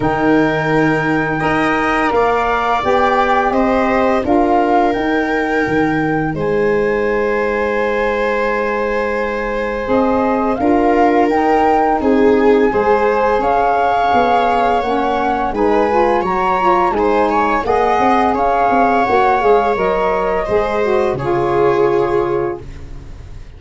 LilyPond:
<<
  \new Staff \with { instrumentName = "flute" } { \time 4/4 \tempo 4 = 85 g''2. f''4 | g''4 dis''4 f''4 g''4~ | g''4 gis''2.~ | gis''2 dis''4 f''4 |
g''4 gis''2 f''4~ | f''4 fis''4 gis''4 ais''4 | gis''4 fis''4 f''4 fis''8 f''8 | dis''2 cis''2 | }
  \new Staff \with { instrumentName = "viola" } { \time 4/4 ais'2 dis''4 d''4~ | d''4 c''4 ais'2~ | ais'4 c''2.~ | c''2. ais'4~ |
ais'4 gis'4 c''4 cis''4~ | cis''2 b'4 cis''4 | c''8 cis''8 dis''4 cis''2~ | cis''4 c''4 gis'2 | }
  \new Staff \with { instrumentName = "saxophone" } { \time 4/4 dis'2 ais'2 | g'2 f'4 dis'4~ | dis'1~ | dis'2 gis'4 f'4 |
dis'2 gis'2~ | gis'4 cis'4 dis'8 f'8 fis'8 f'8 | dis'4 gis'2 fis'8 gis'8 | ais'4 gis'8 fis'8 f'2 | }
  \new Staff \with { instrumentName = "tuba" } { \time 4/4 dis2 dis'4 ais4 | b4 c'4 d'4 dis'4 | dis4 gis2.~ | gis2 c'4 d'4 |
dis'4 c'4 gis4 cis'4 | b4 ais4 gis4 fis4 | gis4 ais8 c'8 cis'8 c'8 ais8 gis8 | fis4 gis4 cis2 | }
>>